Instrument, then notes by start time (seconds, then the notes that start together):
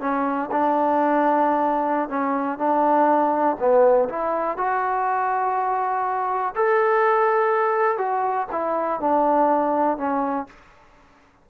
trombone
0.00 C#4
0.51 D4
2.09 C#4
2.58 D4
3.59 B3
4.09 E4
4.57 F#4
6.55 A4
7.98 F#4
8.52 E4
9.00 D4
9.97 C#4